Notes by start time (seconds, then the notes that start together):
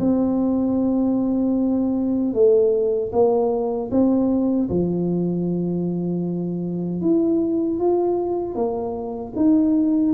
0.00 C4
2.34 A3
3.12 A#3
3.91 C4
4.70 F3
7.02 E4
7.79 F4
8.55 A#3
9.36 D#4